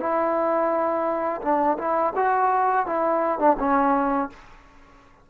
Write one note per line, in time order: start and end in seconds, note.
0.00 1.41 E4
1.42 1.77 D4
1.78 2.14 E4
2.16 2.87 F#4
2.87 3.39 E4
3.39 3.57 D4
3.59 4.30 C#4